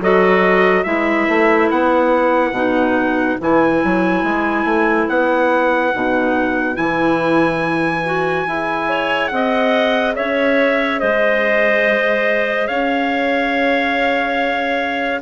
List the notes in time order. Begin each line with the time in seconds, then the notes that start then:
0.00 F#3 F#4 A4 D#5
0.83 G#3 E4 B4 E5
1.28 A3
1.70 B3 F#5
2.51 B2 D#4
3.40 E3 E4 G#5
3.84 F#3
4.23 G#3
4.64 A3
5.08 B3 F#5
5.92 B2 D#4
6.74 E3 E4 G#5
8.05 F#4
8.46 E4 G#4
8.88 C#5
9.27 C4 F#5
9.34 D#5
10.15 C#4 C#5 E5
10.99 G#3 C5 D#5
12.67 C#4 C#5 F5